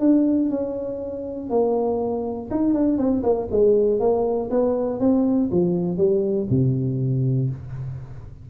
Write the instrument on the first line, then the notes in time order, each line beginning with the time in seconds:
tuba
0.00 D4
0.50 C#4
1.50 A#3
2.51 D#4
2.74 D4
2.98 C4
3.23 A#3
3.51 G#3
4.00 A#3
4.50 B3
5.00 C4
5.52 F3
5.97 G3
6.50 C3